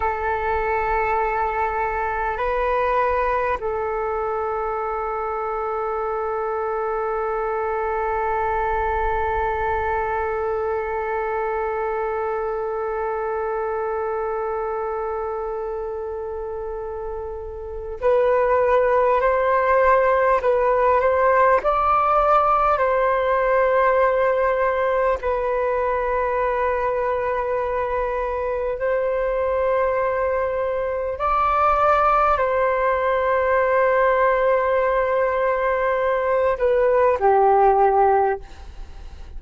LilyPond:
\new Staff \with { instrumentName = "flute" } { \time 4/4 \tempo 4 = 50 a'2 b'4 a'4~ | a'1~ | a'1~ | a'2. b'4 |
c''4 b'8 c''8 d''4 c''4~ | c''4 b'2. | c''2 d''4 c''4~ | c''2~ c''8 b'8 g'4 | }